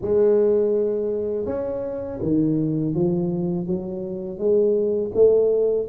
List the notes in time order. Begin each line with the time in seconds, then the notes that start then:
0.01 G#3
1.45 C#4
2.22 D#3
2.94 F3
3.67 F#3
4.38 G#3
5.14 A3